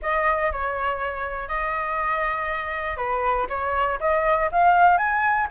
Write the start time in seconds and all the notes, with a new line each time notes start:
0.01 D#5
0.52 C#5
1.48 D#5
2.96 B4
3.49 C#5
4.00 D#5
4.51 F5
4.97 G#5